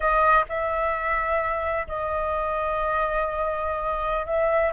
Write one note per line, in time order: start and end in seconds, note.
0.00 0.44 D#5
0.48 1.87 E5
1.87 4.26 D#5
4.26 4.72 E5